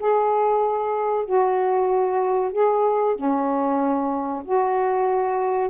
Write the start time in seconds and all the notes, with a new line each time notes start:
0.00 G#4
1.25 F#4
2.52 G#4
3.16 C#4
4.44 F#4